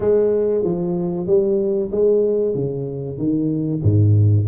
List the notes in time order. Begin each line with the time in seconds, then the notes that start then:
0.00 G#3
0.64 F3
1.26 G3
1.91 G#3
2.54 C#3
3.17 D#3
3.82 G#2